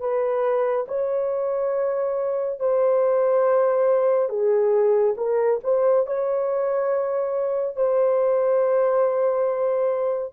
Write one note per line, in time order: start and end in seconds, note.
0.00 0.86 B4
0.88 2.59 C#5
2.60 4.29 C5
4.29 5.15 G#4
5.17 5.60 A#4
5.64 6.06 C5
6.06 7.76 C#5
7.76 10.33 C5